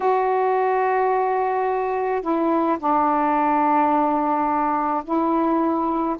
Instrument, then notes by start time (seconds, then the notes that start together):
saxophone
0.00 F#4
2.21 E4
2.79 D4
5.04 E4